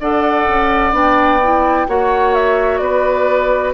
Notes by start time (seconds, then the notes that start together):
0.00 D4 A4 D5 F#5
0.48 C#4
0.92 B3 D4 G5
1.43 E4
1.88 A#3 F#4 C#5 F#5
2.35 E5
2.78 B3 B4 D5